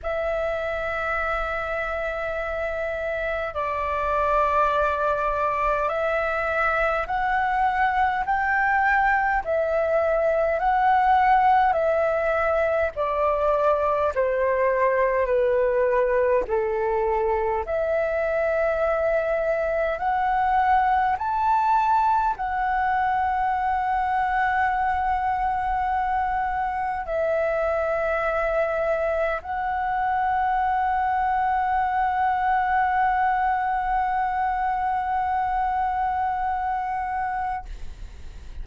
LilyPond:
\new Staff \with { instrumentName = "flute" } { \time 4/4 \tempo 4 = 51 e''2. d''4~ | d''4 e''4 fis''4 g''4 | e''4 fis''4 e''4 d''4 | c''4 b'4 a'4 e''4~ |
e''4 fis''4 a''4 fis''4~ | fis''2. e''4~ | e''4 fis''2.~ | fis''1 | }